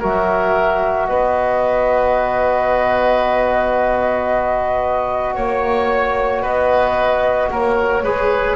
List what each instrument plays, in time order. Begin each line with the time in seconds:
0.00 double bass F#3, trombone F#4, oboe A#4, flute E5
1.07 double bass B3, oboe B4, flute D#5
5.35 double bass A#3, oboe C#5, flute C#5
6.42 double bass B3, oboe B4, flute D#5
7.51 double bass A#3, oboe A#4, flute C#5
8.03 double bass G#3, trombone G#4, oboe B4